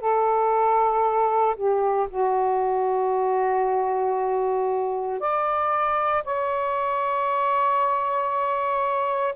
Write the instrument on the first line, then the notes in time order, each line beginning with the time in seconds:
saxophone
0.00 A4
1.56 G4
2.10 F#4
5.20 D5
6.24 C#5